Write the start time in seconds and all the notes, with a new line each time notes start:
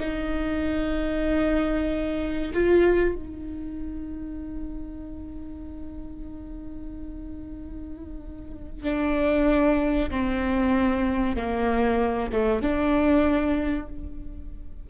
0.00 D#4
2.54 F4
3.16 D#4
8.84 D4
10.11 C4
11.37 A#3
12.33 A3
12.62 D4